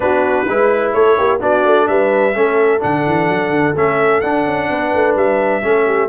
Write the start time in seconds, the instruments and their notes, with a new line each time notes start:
0.00 tuba B3, trombone D4, horn F#4, trumpet B4
0.47 tuba G#3, trombone E4, horn B4
0.92 tuba A3, horn A4, trumpet C#5
1.17 tuba A#3, horn G4
1.40 tuba B3, trombone D4, horn F#4, trumpet D5
1.64 tuba A3
1.87 tuba G3, horn B4, trumpet E5
2.33 tuba A3, trombone C#4, horn A4
2.79 tuba D3, trombone D4, trumpet F#5
3.06 tuba E3
3.28 tuba F#3
3.49 tuba D3
3.75 tuba A3, trombone C#4, trumpet E5
4.21 tuba D4, trombone D4, trumpet F#5
4.45 tuba C#4
4.69 tuba B3, horn B4
4.94 tuba A3
5.15 tuba G3, trumpet E5
5.62 tuba A3, trombone C#4, horn A4
5.86 horn G4